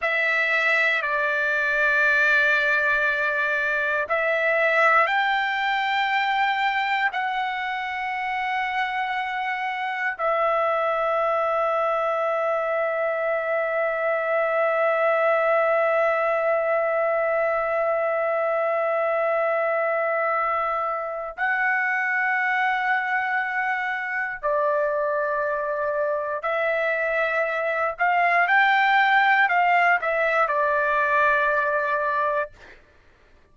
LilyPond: \new Staff \with { instrumentName = "trumpet" } { \time 4/4 \tempo 4 = 59 e''4 d''2. | e''4 g''2 fis''4~ | fis''2 e''2~ | e''1~ |
e''1~ | e''4 fis''2. | d''2 e''4. f''8 | g''4 f''8 e''8 d''2 | }